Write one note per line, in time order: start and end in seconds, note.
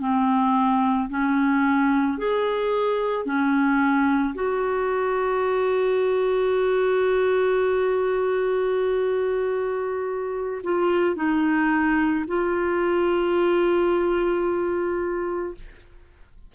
0.00 1.09 C4
1.10 2.18 C#4
2.18 3.25 G#4
3.25 4.34 C#4
4.35 10.62 F#4
10.64 11.16 F4
11.16 12.25 D#4
12.27 15.55 F4